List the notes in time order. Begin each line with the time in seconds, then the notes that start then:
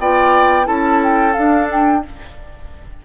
0.00 B3 F4 D5 G5
0.64 C#4 E4 A4 A5
1.04 G5
1.34 D4 F5
1.71 G5